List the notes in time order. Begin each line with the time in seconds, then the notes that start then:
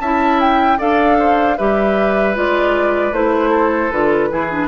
0.00 C#4 E4 E5 A5
0.40 G5
0.78 D4 A4 D5 F5
1.19 C5
1.57 G3 G4 B4 E5
2.35 G#3 F4 D5
3.12 A3 E4 C5
3.50 A4
3.92 D3 F4 B4
4.31 E3 E4 G#4
4.51 D4